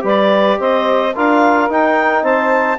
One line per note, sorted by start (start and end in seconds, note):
0.00 0.58 G3
0.00 1.10 G4
0.00 0.58 B4
0.00 0.60 D5
0.59 1.14 C4
0.59 1.14 C5
0.59 1.15 D#5
1.14 1.70 D4
1.14 1.69 F4
1.14 2.22 A#4
1.14 1.71 F5
1.69 2.78 D#4
1.69 2.22 D#4
1.69 2.24 G5
2.22 2.78 C4
2.22 2.78 C5
2.22 2.78 A5